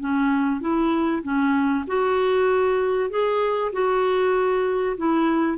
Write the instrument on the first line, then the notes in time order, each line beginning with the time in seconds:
clarinet
0.00 C#4
0.60 E4
1.23 C#4
1.87 F#4
3.10 G#4
3.72 F#4
4.97 E4